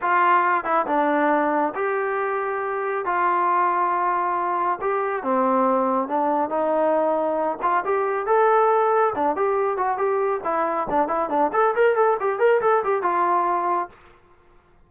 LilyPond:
\new Staff \with { instrumentName = "trombone" } { \time 4/4 \tempo 4 = 138 f'4. e'8 d'2 | g'2. f'4~ | f'2. g'4 | c'2 d'4 dis'4~ |
dis'4. f'8 g'4 a'4~ | a'4 d'8 g'4 fis'8 g'4 | e'4 d'8 e'8 d'8 a'8 ais'8 a'8 | g'8 ais'8 a'8 g'8 f'2 | }